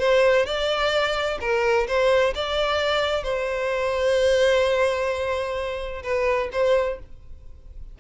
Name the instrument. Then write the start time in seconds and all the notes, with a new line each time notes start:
violin
0.00 C5
0.46 D5
1.41 A#4
1.88 C5
2.36 D5
3.24 C5
6.03 B4
6.53 C5